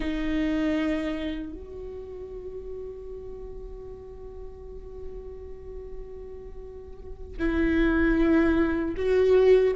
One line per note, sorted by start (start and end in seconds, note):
0.00 1.53 D#4
1.53 7.37 F#4
7.39 8.95 E4
8.96 9.74 F#4